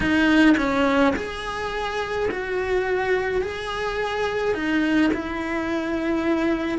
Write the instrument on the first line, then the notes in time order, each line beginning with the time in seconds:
cello
0.00 D#4
0.57 C#4
1.16 G#4
2.31 F#4
3.41 G#4
4.54 D#4
5.13 E4